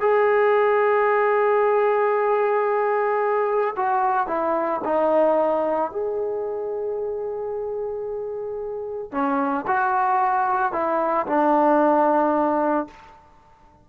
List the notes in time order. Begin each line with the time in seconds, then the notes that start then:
0.00 G#4
3.76 F#4
4.27 E4
4.84 D#4
5.91 G#4
9.11 C#4
9.67 F#4
10.72 E4
11.26 D4